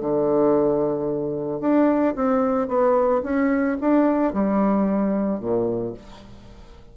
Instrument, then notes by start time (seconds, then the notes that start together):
bassoon
0.00 D3
1.60 D4
2.15 C4
2.68 B3
3.23 C#4
3.81 D4
4.33 G3
5.40 A#2